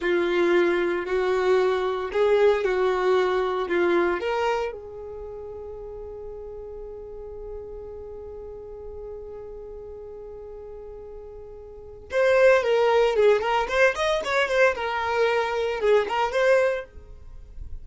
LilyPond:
\new Staff \with { instrumentName = "violin" } { \time 4/4 \tempo 4 = 114 f'2 fis'2 | gis'4 fis'2 f'4 | ais'4 gis'2.~ | gis'1~ |
gis'1~ | gis'2. c''4 | ais'4 gis'8 ais'8 c''8 dis''8 cis''8 c''8 | ais'2 gis'8 ais'8 c''4 | }